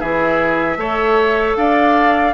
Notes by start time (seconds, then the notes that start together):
0.00 E3 E4 G#4 E5
0.77 A3 A4 C#5
1.56 D4 D5 F5